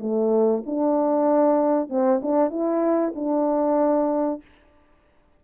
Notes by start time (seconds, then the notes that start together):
0.00 A3
0.66 D4
1.89 C4
2.22 D4
2.50 E4
3.15 D4